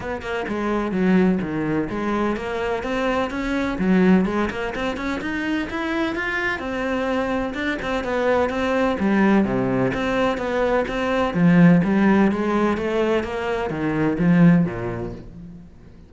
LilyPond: \new Staff \with { instrumentName = "cello" } { \time 4/4 \tempo 4 = 127 b8 ais8 gis4 fis4 dis4 | gis4 ais4 c'4 cis'4 | fis4 gis8 ais8 c'8 cis'8 dis'4 | e'4 f'4 c'2 |
d'8 c'8 b4 c'4 g4 | c4 c'4 b4 c'4 | f4 g4 gis4 a4 | ais4 dis4 f4 ais,4 | }